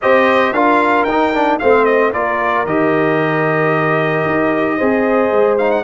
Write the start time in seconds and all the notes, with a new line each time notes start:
0.01 C4 G4 C5 D#5
0.53 D4 F4 A#4 F5
1.04 D#4 G5
1.33 D4
1.59 A3 C4 C5 F5
1.84 D#5
2.13 A#3 F4 A#4 D5
2.65 D#3 G4 D#5
4.26 D#4
4.77 C4 G#4 C5
5.31 G#3
5.57 D#4 F5
5.71 F#5